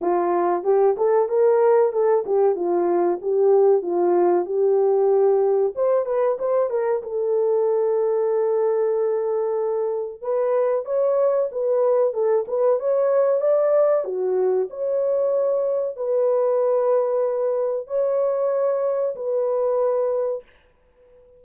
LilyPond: \new Staff \with { instrumentName = "horn" } { \time 4/4 \tempo 4 = 94 f'4 g'8 a'8 ais'4 a'8 g'8 | f'4 g'4 f'4 g'4~ | g'4 c''8 b'8 c''8 ais'8 a'4~ | a'1 |
b'4 cis''4 b'4 a'8 b'8 | cis''4 d''4 fis'4 cis''4~ | cis''4 b'2. | cis''2 b'2 | }